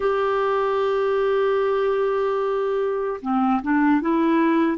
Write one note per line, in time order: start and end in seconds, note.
0.00 3.20 G4
3.21 3.61 C4
3.62 4.01 D4
4.01 4.77 E4